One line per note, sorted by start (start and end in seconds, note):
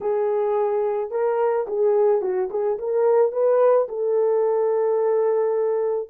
0.01 1.10 G#4
1.10 1.66 A#4
1.67 2.21 G#4
2.21 2.49 F#4
2.50 2.78 G#4
2.78 3.32 A#4
3.32 3.87 B4
3.88 6.09 A4